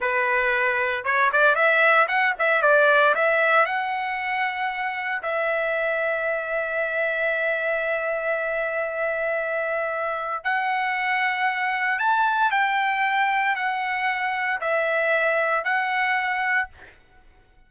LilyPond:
\new Staff \with { instrumentName = "trumpet" } { \time 4/4 \tempo 4 = 115 b'2 cis''8 d''8 e''4 | fis''8 e''8 d''4 e''4 fis''4~ | fis''2 e''2~ | e''1~ |
e''1 | fis''2. a''4 | g''2 fis''2 | e''2 fis''2 | }